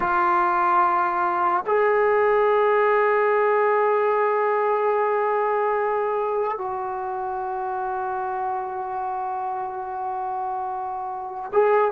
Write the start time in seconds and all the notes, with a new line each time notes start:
0.00 F4
1.66 G#4
6.58 F#4
11.52 G#4